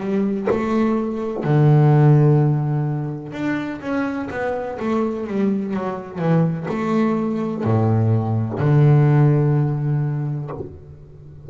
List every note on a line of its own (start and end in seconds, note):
0.00 0.48 G3
0.50 1.44 A3
1.44 3.32 D3
3.32 3.80 D4
3.81 4.29 C#4
4.31 4.78 B3
4.80 5.27 A3
5.27 5.74 G3
5.74 6.18 F#3
6.18 6.66 E3
6.68 7.64 A3
7.64 8.59 A2
8.59 10.50 D3